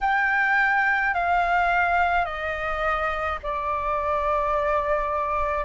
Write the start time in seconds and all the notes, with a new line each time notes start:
0.01 G5
1.13 F5
2.25 D#5
3.43 D5